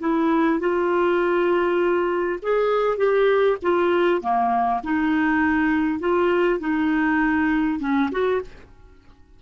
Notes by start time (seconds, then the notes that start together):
0.00 E4
0.60 F4
2.43 G#4
2.98 G4
3.63 F4
4.22 A#3
4.84 D#4
6.00 F4
6.60 D#4
7.80 C#4
8.12 F#4